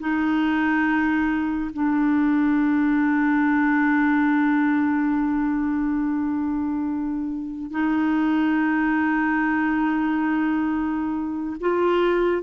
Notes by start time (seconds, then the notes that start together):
0.00 D#4
1.74 D4
7.71 D#4
11.61 F4